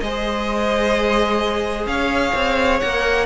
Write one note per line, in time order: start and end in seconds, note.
0.00 1.86 G#3
0.00 2.82 G#4
0.00 1.89 C5
0.00 1.86 D#5
1.86 2.32 C#4
1.86 3.26 C#5
1.86 2.79 F5
2.35 2.81 C4
2.79 3.26 A#3
2.79 3.26 A#4
2.79 3.26 F#5